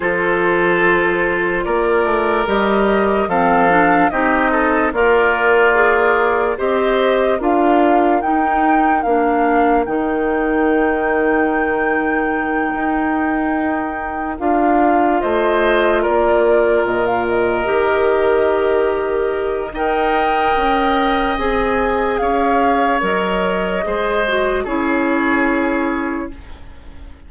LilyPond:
<<
  \new Staff \with { instrumentName = "flute" } { \time 4/4 \tempo 4 = 73 c''2 d''4 dis''4 | f''4 dis''4 d''2 | dis''4 f''4 g''4 f''4 | g''1~ |
g''4. f''4 dis''4 d''8~ | d''8 dis''16 f''16 dis''2. | g''2 gis''4 f''4 | dis''2 cis''2 | }
  \new Staff \with { instrumentName = "oboe" } { \time 4/4 a'2 ais'2 | a'4 g'8 a'8 f'2 | c''4 ais'2.~ | ais'1~ |
ais'2~ ais'8 c''4 ais'8~ | ais'1 | dis''2. cis''4~ | cis''4 c''4 gis'2 | }
  \new Staff \with { instrumentName = "clarinet" } { \time 4/4 f'2. g'4 | c'8 d'8 dis'4 ais'4 gis'4 | g'4 f'4 dis'4 d'4 | dis'1~ |
dis'4. f'2~ f'8~ | f'4. g'2~ g'8 | ais'2 gis'2 | ais'4 gis'8 fis'8 e'2 | }
  \new Staff \with { instrumentName = "bassoon" } { \time 4/4 f2 ais8 a8 g4 | f4 c'4 ais2 | c'4 d'4 dis'4 ais4 | dis2.~ dis8 dis'8~ |
dis'4. d'4 a4 ais8~ | ais8 ais,4 dis2~ dis8 | dis'4 cis'4 c'4 cis'4 | fis4 gis4 cis'2 | }
>>